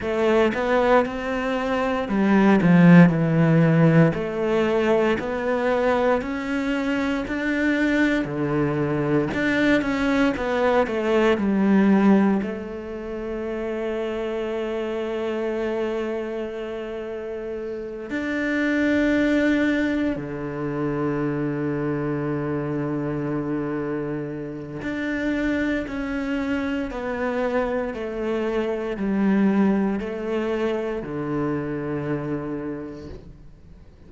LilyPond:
\new Staff \with { instrumentName = "cello" } { \time 4/4 \tempo 4 = 58 a8 b8 c'4 g8 f8 e4 | a4 b4 cis'4 d'4 | d4 d'8 cis'8 b8 a8 g4 | a1~ |
a4. d'2 d8~ | d1 | d'4 cis'4 b4 a4 | g4 a4 d2 | }